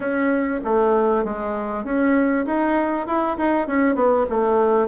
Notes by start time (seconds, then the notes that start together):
0.00 C#4
0.64 A3
1.24 G#3
1.84 C#4
2.46 D#4
3.06 E4
3.37 D#4
3.67 C#4
3.95 B3
4.29 A3